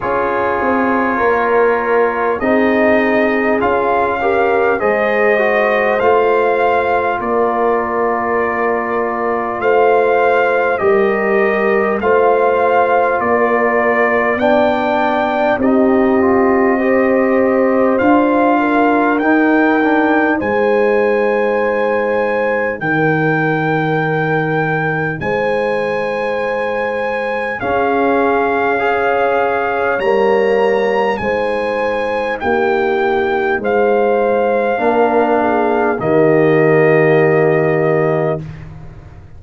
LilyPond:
<<
  \new Staff \with { instrumentName = "trumpet" } { \time 4/4 \tempo 4 = 50 cis''2 dis''4 f''4 | dis''4 f''4 d''2 | f''4 dis''4 f''4 d''4 | g''4 dis''2 f''4 |
g''4 gis''2 g''4~ | g''4 gis''2 f''4~ | f''4 ais''4 gis''4 g''4 | f''2 dis''2 | }
  \new Staff \with { instrumentName = "horn" } { \time 4/4 gis'4 ais'4 gis'4. ais'8 | c''2 ais'2 | c''4 ais'4 c''4 ais'4 | d''4 g'4 c''4. ais'8~ |
ais'4 c''2 ais'4~ | ais'4 c''2 gis'4 | cis''2 c''4 g'4 | c''4 ais'8 gis'8 g'2 | }
  \new Staff \with { instrumentName = "trombone" } { \time 4/4 f'2 dis'4 f'8 g'8 | gis'8 fis'8 f'2.~ | f'4 g'4 f'2 | d'4 dis'8 f'8 g'4 f'4 |
dis'8 d'8 dis'2.~ | dis'2. cis'4 | gis'4 ais4 dis'2~ | dis'4 d'4 ais2 | }
  \new Staff \with { instrumentName = "tuba" } { \time 4/4 cis'8 c'8 ais4 c'4 cis'4 | gis4 a4 ais2 | a4 g4 a4 ais4 | b4 c'2 d'4 |
dis'4 gis2 dis4~ | dis4 gis2 cis'4~ | cis'4 g4 gis4 ais4 | gis4 ais4 dis2 | }
>>